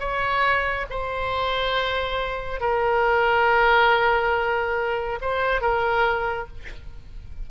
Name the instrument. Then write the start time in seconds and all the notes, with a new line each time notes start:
oboe
0.00 C#5
0.90 C5
2.60 A#4
5.21 C5
5.61 A#4